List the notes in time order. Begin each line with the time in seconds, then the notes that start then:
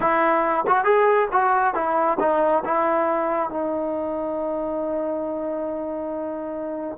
0.00 E4
0.67 F#4
0.84 G#4
1.32 F#4
1.74 E4
2.19 D#4
2.65 E4
3.49 D#4